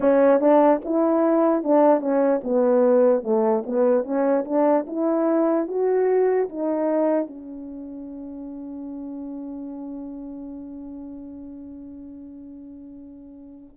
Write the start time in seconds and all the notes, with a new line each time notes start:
0.00 C#4
0.40 D4
0.84 E4
1.63 D4
2.00 C#4
2.43 B3
3.22 A3
3.66 B3
4.04 C#4
4.44 D4
4.86 E4
5.68 F#4
6.49 D#4
7.27 C#4